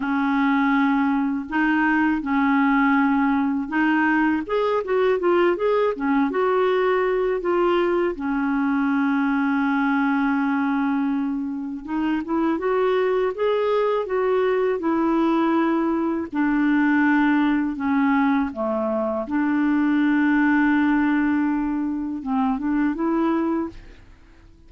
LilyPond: \new Staff \with { instrumentName = "clarinet" } { \time 4/4 \tempo 4 = 81 cis'2 dis'4 cis'4~ | cis'4 dis'4 gis'8 fis'8 f'8 gis'8 | cis'8 fis'4. f'4 cis'4~ | cis'1 |
dis'8 e'8 fis'4 gis'4 fis'4 | e'2 d'2 | cis'4 a4 d'2~ | d'2 c'8 d'8 e'4 | }